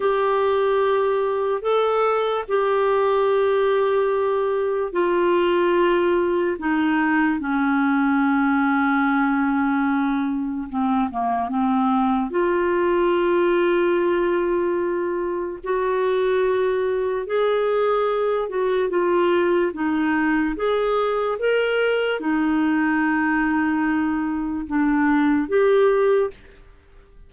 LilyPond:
\new Staff \with { instrumentName = "clarinet" } { \time 4/4 \tempo 4 = 73 g'2 a'4 g'4~ | g'2 f'2 | dis'4 cis'2.~ | cis'4 c'8 ais8 c'4 f'4~ |
f'2. fis'4~ | fis'4 gis'4. fis'8 f'4 | dis'4 gis'4 ais'4 dis'4~ | dis'2 d'4 g'4 | }